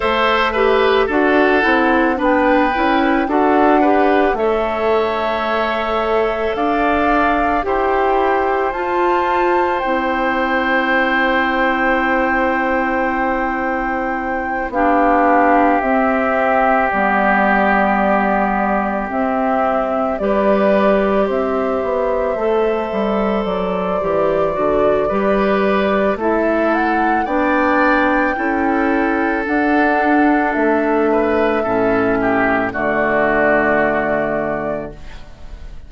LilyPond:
<<
  \new Staff \with { instrumentName = "flute" } { \time 4/4 \tempo 4 = 55 e''4 fis''4 g''4 fis''4 | e''2 f''4 g''4 | a''4 g''2.~ | g''4. f''4 e''4 d''8~ |
d''4. e''4 d''4 e''8~ | e''4. d''2~ d''8 | e''8 fis''8 g''2 fis''4 | e''2 d''2 | }
  \new Staff \with { instrumentName = "oboe" } { \time 4/4 c''8 b'8 a'4 b'4 a'8 b'8 | cis''2 d''4 c''4~ | c''1~ | c''4. g'2~ g'8~ |
g'2~ g'8 b'4 c''8~ | c''2. b'4 | a'4 d''4 a'2~ | a'8 b'8 a'8 g'8 fis'2 | }
  \new Staff \with { instrumentName = "clarinet" } { \time 4/4 a'8 g'8 fis'8 e'8 d'8 e'8 fis'8 g'8 | a'2. g'4 | f'4 e'2.~ | e'4. d'4 c'4 b8~ |
b4. c'4 g'4.~ | g'8 a'4. g'8 fis'8 g'4 | e'4 d'4 e'4 d'4~ | d'4 cis'4 a2 | }
  \new Staff \with { instrumentName = "bassoon" } { \time 4/4 a4 d'8 c'8 b8 cis'8 d'4 | a2 d'4 e'4 | f'4 c'2.~ | c'4. b4 c'4 g8~ |
g4. c'4 g4 c'8 | b8 a8 g8 fis8 e8 d8 g4 | a4 b4 cis'4 d'4 | a4 a,4 d2 | }
>>